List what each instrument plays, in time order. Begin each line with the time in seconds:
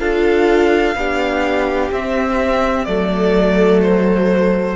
0.00 cello D4, viola F4, violin A4 F5
0.95 cello B3, viola D4, violin G4
1.91 cello C4, viola C4, violin E5
2.85 cello F#3, viola A3, violin A4 D5
3.83 violin C5